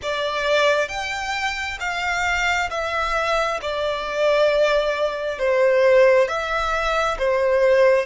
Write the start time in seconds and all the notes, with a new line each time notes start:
0.02 D5
0.88 G5
1.80 F5
2.70 E5
3.61 D5
5.39 C5
6.28 E5
7.18 C5